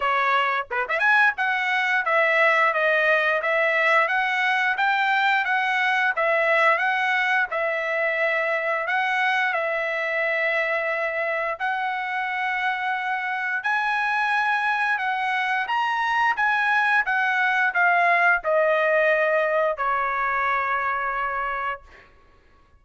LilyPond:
\new Staff \with { instrumentName = "trumpet" } { \time 4/4 \tempo 4 = 88 cis''4 b'16 e''16 gis''8 fis''4 e''4 | dis''4 e''4 fis''4 g''4 | fis''4 e''4 fis''4 e''4~ | e''4 fis''4 e''2~ |
e''4 fis''2. | gis''2 fis''4 ais''4 | gis''4 fis''4 f''4 dis''4~ | dis''4 cis''2. | }